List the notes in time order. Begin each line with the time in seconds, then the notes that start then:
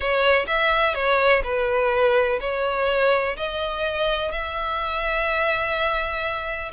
0.00 C#5
0.47 E5
0.94 C#5
1.43 B4
2.40 C#5
3.36 D#5
4.31 E5